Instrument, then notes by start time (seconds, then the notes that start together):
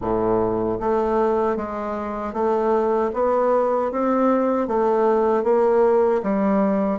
bassoon
0.01 A2
0.80 A3
1.56 G#3
2.33 A3
3.13 B3
3.91 C4
4.67 A3
5.43 A#3
6.22 G3